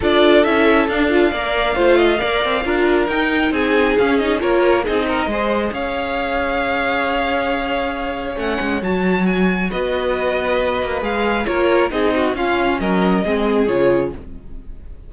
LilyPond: <<
  \new Staff \with { instrumentName = "violin" } { \time 4/4 \tempo 4 = 136 d''4 e''4 f''2~ | f''2. g''4 | gis''4 f''8 dis''8 cis''4 dis''4~ | dis''4 f''2.~ |
f''2. fis''4 | a''4 gis''4 dis''2~ | dis''4 f''4 cis''4 dis''4 | f''4 dis''2 cis''4 | }
  \new Staff \with { instrumentName = "violin" } { \time 4/4 a'2. d''4 | c''8 dis''8 d''4 ais'2 | gis'2 ais'4 gis'8 ais'8 | c''4 cis''2.~ |
cis''1~ | cis''2 b'2~ | b'2 ais'4 gis'8 fis'8 | f'4 ais'4 gis'2 | }
  \new Staff \with { instrumentName = "viola" } { \time 4/4 f'4 e'4 d'8 f'8 ais'4 | f'4 ais'4 f'4 dis'4~ | dis'4 cis'8 dis'8 f'4 dis'4 | gis'1~ |
gis'2. cis'4 | fis'1~ | fis'4 gis'4 f'4 dis'4 | cis'2 c'4 f'4 | }
  \new Staff \with { instrumentName = "cello" } { \time 4/4 d'4 cis'4 d'4 ais4 | a4 ais8 c'8 d'4 dis'4 | c'4 cis'4 ais4 c'4 | gis4 cis'2.~ |
cis'2. a8 gis8 | fis2 b2~ | b8 ais8 gis4 ais4 c'4 | cis'4 fis4 gis4 cis4 | }
>>